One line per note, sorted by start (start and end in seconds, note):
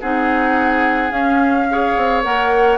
0.00 1.11 C4
0.00 1.10 D#4
0.00 1.67 G#4
0.00 1.11 F#5
1.10 1.66 C#4
1.10 1.94 C#4
1.10 2.22 F5
1.70 2.23 G#4
1.70 2.78 C#5
1.97 2.24 C4
2.23 2.78 A#3
2.23 2.78 A#4
2.23 2.78 F#5